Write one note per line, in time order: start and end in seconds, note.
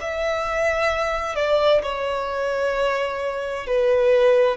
0.00 1.35 E5
1.35 1.81 D5
1.82 3.66 C#5
3.66 4.56 B4